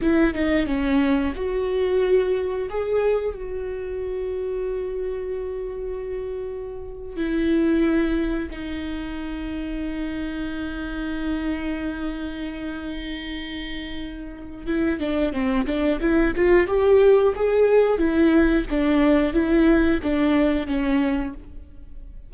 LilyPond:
\new Staff \with { instrumentName = "viola" } { \time 4/4 \tempo 4 = 90 e'8 dis'8 cis'4 fis'2 | gis'4 fis'2.~ | fis'2~ fis'8. e'4~ e'16~ | e'8. dis'2.~ dis'16~ |
dis'1~ | dis'2 e'8 d'8 c'8 d'8 | e'8 f'8 g'4 gis'4 e'4 | d'4 e'4 d'4 cis'4 | }